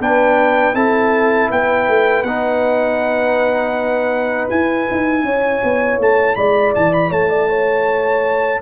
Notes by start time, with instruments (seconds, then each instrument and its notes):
0.00 tuba B3, trombone D4, horn B4, trumpet G5
0.74 tuba C4, trombone E4, horn A4, trumpet A5
1.50 tuba B3, horn B4, trumpet G5
1.89 tuba A3
2.23 tuba B3, trombone D#4, trumpet F#5
4.50 tuba E4, trombone E4, trumpet G#5
4.91 tuba D#4
5.23 tuba C#4, horn C#5
5.64 tuba B3
5.99 tuba A3, trumpet A5
6.36 tuba G#3, horn D5, trumpet B5
6.75 tuba E3, trumpet A5
6.93 trumpet B5
7.10 tuba A3, horn C#5, trumpet A5
7.30 horn D5
7.49 horn C#5